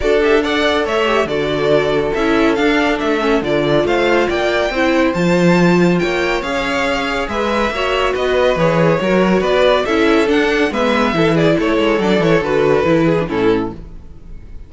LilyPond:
<<
  \new Staff \with { instrumentName = "violin" } { \time 4/4 \tempo 4 = 140 d''8 e''8 fis''4 e''4 d''4~ | d''4 e''4 f''4 e''4 | d''4 f''4 g''2 | a''2 g''4 f''4~ |
f''4 e''2 dis''4 | cis''2 d''4 e''4 | fis''4 e''4. d''8 cis''4 | d''8 cis''8 b'2 a'4 | }
  \new Staff \with { instrumentName = "violin" } { \time 4/4 a'4 d''4 cis''4 a'4~ | a'1~ | a'4 c''4 d''4 c''4~ | c''2 cis''2~ |
cis''4 b'4 cis''4 b'4~ | b'4 ais'4 b'4 a'4~ | a'4 b'4 a'8 gis'8 a'4~ | a'2~ a'8 gis'8 e'4 | }
  \new Staff \with { instrumentName = "viola" } { \time 4/4 fis'8 g'8 a'4. g'8 fis'4~ | fis'4 e'4 d'4. cis'8 | f'2. e'4 | f'2. gis'4~ |
gis'2 fis'2 | gis'4 fis'2 e'4 | d'4 b4 e'2 | d'8 e'8 fis'4 e'8. d'16 cis'4 | }
  \new Staff \with { instrumentName = "cello" } { \time 4/4 d'2 a4 d4~ | d4 cis'4 d'4 a4 | d4 a4 ais4 c'4 | f2 ais4 cis'4~ |
cis'4 gis4 ais4 b4 | e4 fis4 b4 cis'4 | d'4 gis4 e4 a8 gis8 | fis8 e8 d4 e4 a,4 | }
>>